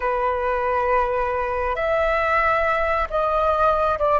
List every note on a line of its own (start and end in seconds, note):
0.00 1.75 B4
1.75 3.08 E5
3.10 3.98 D#5
3.98 4.19 D5